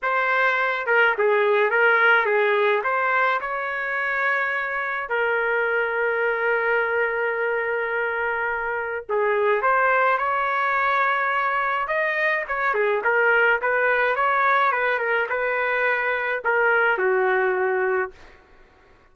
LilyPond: \new Staff \with { instrumentName = "trumpet" } { \time 4/4 \tempo 4 = 106 c''4. ais'8 gis'4 ais'4 | gis'4 c''4 cis''2~ | cis''4 ais'2.~ | ais'1 |
gis'4 c''4 cis''2~ | cis''4 dis''4 cis''8 gis'8 ais'4 | b'4 cis''4 b'8 ais'8 b'4~ | b'4 ais'4 fis'2 | }